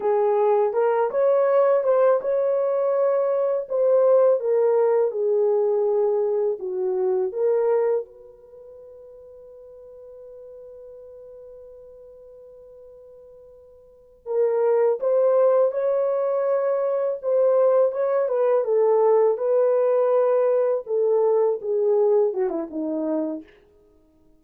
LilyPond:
\new Staff \with { instrumentName = "horn" } { \time 4/4 \tempo 4 = 82 gis'4 ais'8 cis''4 c''8 cis''4~ | cis''4 c''4 ais'4 gis'4~ | gis'4 fis'4 ais'4 b'4~ | b'1~ |
b'2.~ b'8 ais'8~ | ais'8 c''4 cis''2 c''8~ | c''8 cis''8 b'8 a'4 b'4.~ | b'8 a'4 gis'4 fis'16 e'16 dis'4 | }